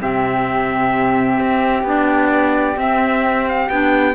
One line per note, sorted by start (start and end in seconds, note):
0.00 1.40 C3
0.00 1.85 C4
0.00 4.15 G4
0.00 1.86 E5
1.40 1.83 C4
1.83 2.76 B3
1.83 2.76 D4
1.83 2.79 D5
2.76 3.68 C4
2.76 3.48 E5
3.49 3.69 F5
3.69 4.15 B3
3.69 4.15 D4
3.69 4.15 G5